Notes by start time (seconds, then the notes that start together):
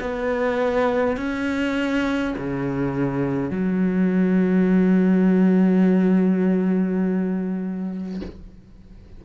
0.00 B3
1.17 C#4
2.38 C#3
3.50 F#3